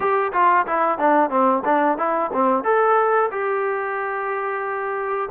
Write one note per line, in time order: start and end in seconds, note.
0.00 0.32 G4
0.33 0.66 F4
0.67 0.98 E4
0.98 1.30 D4
1.30 1.63 C4
1.65 1.98 D4
1.98 2.30 E4
2.33 2.64 C4
2.64 3.30 A4
3.31 5.29 G4